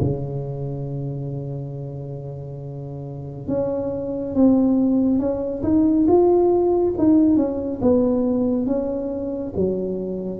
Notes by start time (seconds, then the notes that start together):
0.00 C#3
3.47 C#4
4.35 C4
5.19 C#4
5.63 D#4
6.08 F4
6.98 D#4
7.36 C#4
7.81 B3
8.66 C#4
9.56 F#3